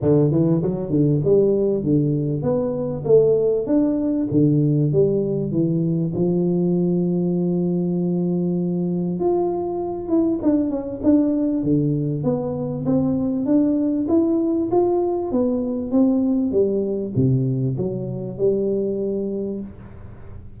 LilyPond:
\new Staff \with { instrumentName = "tuba" } { \time 4/4 \tempo 4 = 98 d8 e8 fis8 d8 g4 d4 | b4 a4 d'4 d4 | g4 e4 f2~ | f2. f'4~ |
f'8 e'8 d'8 cis'8 d'4 d4 | b4 c'4 d'4 e'4 | f'4 b4 c'4 g4 | c4 fis4 g2 | }